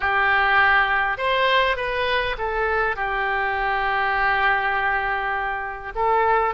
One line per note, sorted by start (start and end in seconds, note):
0.00 1.17 G4
1.17 1.76 C5
1.76 2.35 B4
2.38 2.95 A4
2.95 5.92 G4
5.95 6.54 A4